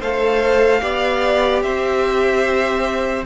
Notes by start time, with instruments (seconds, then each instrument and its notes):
0.00 cello A3, viola A4, violin C5 F5
0.81 cello B3, viola G4, violin D5
1.62 cello C4, violin C5 E5